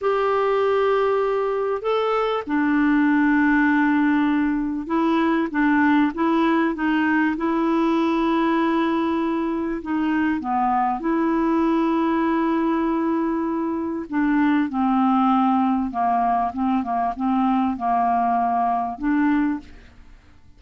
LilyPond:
\new Staff \with { instrumentName = "clarinet" } { \time 4/4 \tempo 4 = 98 g'2. a'4 | d'1 | e'4 d'4 e'4 dis'4 | e'1 |
dis'4 b4 e'2~ | e'2. d'4 | c'2 ais4 c'8 ais8 | c'4 ais2 d'4 | }